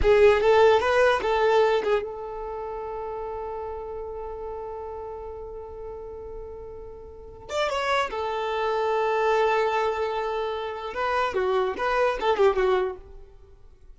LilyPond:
\new Staff \with { instrumentName = "violin" } { \time 4/4 \tempo 4 = 148 gis'4 a'4 b'4 a'4~ | a'8 gis'8 a'2.~ | a'1~ | a'1~ |
a'2~ a'8 d''8 cis''4 | a'1~ | a'2. b'4 | fis'4 b'4 a'8 g'8 fis'4 | }